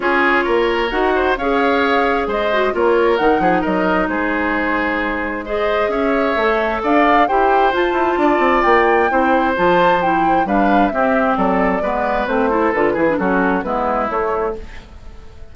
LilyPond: <<
  \new Staff \with { instrumentName = "flute" } { \time 4/4 \tempo 4 = 132 cis''2 fis''4 f''4~ | f''4 dis''4 cis''4 fis''4 | dis''4 c''2. | dis''4 e''2 f''4 |
g''4 a''2 g''4~ | g''4 a''4 g''4 f''4 | e''4 d''2 c''4 | b'4 a'4 b'4 cis''4 | }
  \new Staff \with { instrumentName = "oboe" } { \time 4/4 gis'4 ais'4. c''8 cis''4~ | cis''4 c''4 ais'4. gis'8 | ais'4 gis'2. | c''4 cis''2 d''4 |
c''2 d''2 | c''2. b'4 | g'4 a'4 b'4. a'8~ | a'8 gis'8 fis'4 e'2 | }
  \new Staff \with { instrumentName = "clarinet" } { \time 4/4 f'2 fis'4 gis'4~ | gis'4. fis'8 f'4 dis'4~ | dis'1 | gis'2 a'2 |
g'4 f'2. | e'4 f'4 e'4 d'4 | c'2 b4 c'8 e'8 | f'8 e'16 d'16 cis'4 b4 a4 | }
  \new Staff \with { instrumentName = "bassoon" } { \time 4/4 cis'4 ais4 dis'4 cis'4~ | cis'4 gis4 ais4 dis8 f8 | fis4 gis2.~ | gis4 cis'4 a4 d'4 |
e'4 f'8 e'8 d'8 c'8 ais4 | c'4 f2 g4 | c'4 fis4 gis4 a4 | d8 e8 fis4 gis4 a4 | }
>>